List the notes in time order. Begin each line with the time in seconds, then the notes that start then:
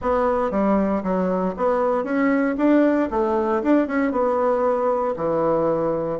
0.01 B3
0.51 G3
1.03 F#3
1.56 B3
2.04 C#4
2.57 D4
3.10 A3
3.62 D4
3.87 C#4
4.11 B3
5.16 E3